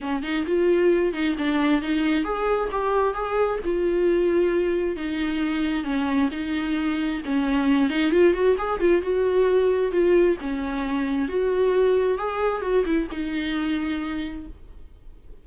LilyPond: \new Staff \with { instrumentName = "viola" } { \time 4/4 \tempo 4 = 133 cis'8 dis'8 f'4. dis'8 d'4 | dis'4 gis'4 g'4 gis'4 | f'2. dis'4~ | dis'4 cis'4 dis'2 |
cis'4. dis'8 f'8 fis'8 gis'8 f'8 | fis'2 f'4 cis'4~ | cis'4 fis'2 gis'4 | fis'8 e'8 dis'2. | }